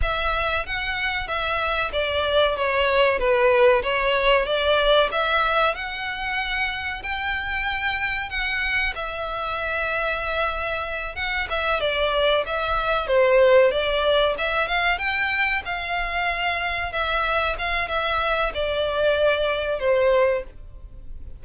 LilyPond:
\new Staff \with { instrumentName = "violin" } { \time 4/4 \tempo 4 = 94 e''4 fis''4 e''4 d''4 | cis''4 b'4 cis''4 d''4 | e''4 fis''2 g''4~ | g''4 fis''4 e''2~ |
e''4. fis''8 e''8 d''4 e''8~ | e''8 c''4 d''4 e''8 f''8 g''8~ | g''8 f''2 e''4 f''8 | e''4 d''2 c''4 | }